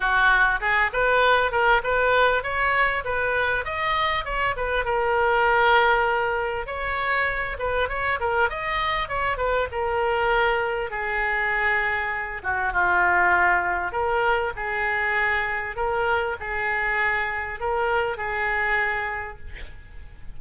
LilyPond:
\new Staff \with { instrumentName = "oboe" } { \time 4/4 \tempo 4 = 99 fis'4 gis'8 b'4 ais'8 b'4 | cis''4 b'4 dis''4 cis''8 b'8 | ais'2. cis''4~ | cis''8 b'8 cis''8 ais'8 dis''4 cis''8 b'8 |
ais'2 gis'2~ | gis'8 fis'8 f'2 ais'4 | gis'2 ais'4 gis'4~ | gis'4 ais'4 gis'2 | }